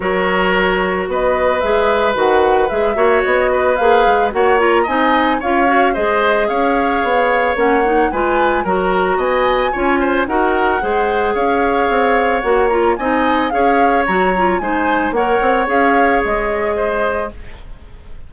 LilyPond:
<<
  \new Staff \with { instrumentName = "flute" } { \time 4/4 \tempo 4 = 111 cis''2 dis''4 e''4 | fis''4 e''4 dis''4 f''4 | fis''8 ais''8 gis''4 f''4 dis''4 | f''2 fis''4 gis''4 |
ais''4 gis''2 fis''4~ | fis''4 f''2 fis''8 ais''8 | gis''4 f''4 ais''4 gis''4 | fis''4 f''4 dis''2 | }
  \new Staff \with { instrumentName = "oboe" } { \time 4/4 ais'2 b'2~ | b'4. cis''4 b'4. | cis''4 dis''4 cis''4 c''4 | cis''2. b'4 |
ais'4 dis''4 cis''8 c''8 ais'4 | c''4 cis''2. | dis''4 cis''2 c''4 | cis''2. c''4 | }
  \new Staff \with { instrumentName = "clarinet" } { \time 4/4 fis'2. gis'4 | fis'4 gis'8 fis'4. gis'4 | fis'8 f'8 dis'4 f'8 fis'8 gis'4~ | gis'2 cis'8 dis'8 f'4 |
fis'2 f'4 fis'4 | gis'2. fis'8 f'8 | dis'4 gis'4 fis'8 f'8 dis'4 | ais'4 gis'2. | }
  \new Staff \with { instrumentName = "bassoon" } { \time 4/4 fis2 b4 gis4 | dis4 gis8 ais8 b4 ais8 gis8 | ais4 c'4 cis'4 gis4 | cis'4 b4 ais4 gis4 |
fis4 b4 cis'4 dis'4 | gis4 cis'4 c'4 ais4 | c'4 cis'4 fis4 gis4 | ais8 c'8 cis'4 gis2 | }
>>